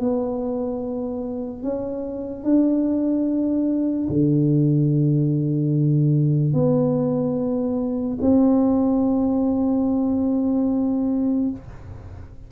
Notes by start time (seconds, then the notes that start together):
0.00 B3
1.63 C#4
2.44 D4
4.09 D3
6.53 B3
8.22 C4